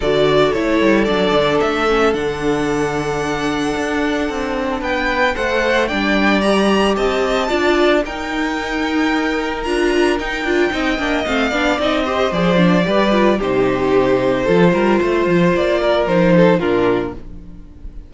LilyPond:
<<
  \new Staff \with { instrumentName = "violin" } { \time 4/4 \tempo 4 = 112 d''4 cis''4 d''4 e''4 | fis''1~ | fis''4 g''4 fis''4 g''4 | ais''4 a''2 g''4~ |
g''2 ais''4 g''4~ | g''4 f''4 dis''4 d''4~ | d''4 c''2.~ | c''4 d''4 c''4 ais'4 | }
  \new Staff \with { instrumentName = "violin" } { \time 4/4 a'1~ | a'1~ | a'4 b'4 c''4 d''4~ | d''4 dis''4 d''4 ais'4~ |
ais'1 | dis''4. d''4 c''4. | b'4 g'2 a'8 ais'8 | c''4. ais'4 a'8 f'4 | }
  \new Staff \with { instrumentName = "viola" } { \time 4/4 fis'4 e'4 d'4. cis'8 | d'1~ | d'2 a'4 d'4 | g'2 f'4 dis'4~ |
dis'2 f'4 dis'8 f'8 | dis'8 d'8 c'8 d'8 dis'8 g'8 gis'8 d'8 | g'8 f'8 dis'2 f'4~ | f'2 dis'4 d'4 | }
  \new Staff \with { instrumentName = "cello" } { \time 4/4 d4 a8 g8 fis8 d8 a4 | d2. d'4 | c'4 b4 a4 g4~ | g4 c'4 d'4 dis'4~ |
dis'2 d'4 dis'8 d'8 | c'8 ais8 a8 b8 c'4 f4 | g4 c2 f8 g8 | a8 f8 ais4 f4 ais,4 | }
>>